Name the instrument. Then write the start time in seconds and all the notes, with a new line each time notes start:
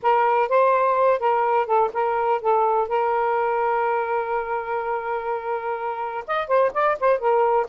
saxophone
0.02 A#4
0.48 C5
1.19 A#4
1.66 A4
1.93 A#4
2.41 A4
2.88 A#4
6.27 D#5
6.47 C5
6.73 D5
7.00 C5
7.18 A#4